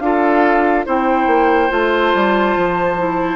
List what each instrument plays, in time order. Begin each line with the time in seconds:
0.00 bassoon D4, clarinet F4, oboe A4, flute F5
0.86 bassoon C4, clarinet E4, oboe C5, flute G5
1.27 bassoon A#3
1.70 bassoon A3, clarinet F4, flute A5
2.15 bassoon G3
2.57 bassoon F3
2.98 clarinet E4